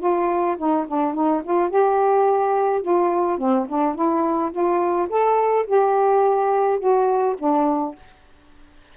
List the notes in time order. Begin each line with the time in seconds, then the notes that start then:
0.00 F4
0.58 D#4
0.88 D4
1.14 D#4
1.44 F4
1.70 G4
2.82 F4
3.39 C4
3.69 D4
3.95 E4
4.52 F4
5.10 A4
5.67 G4
6.80 F#4
7.39 D4